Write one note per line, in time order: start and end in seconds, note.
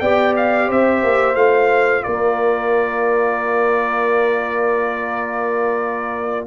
0.00 0.69 B3
0.00 1.36 G4
0.00 0.68 D5
0.00 0.34 G5
0.37 0.71 F5
0.68 1.03 C4
0.68 2.04 C5
0.68 1.35 E5
1.04 1.36 A#3
1.35 2.04 A3
1.35 6.47 F4
1.35 2.03 F5
2.03 6.47 A#3
2.03 6.47 A#4
2.03 6.46 D5